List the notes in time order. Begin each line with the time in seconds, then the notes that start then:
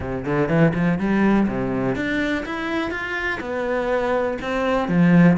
0.00 C3
0.24 D3
0.48 E3
0.74 F3
0.98 G3
1.48 C3
1.95 D4
2.45 E4
2.90 F4
3.40 B3
4.41 C4
4.88 F3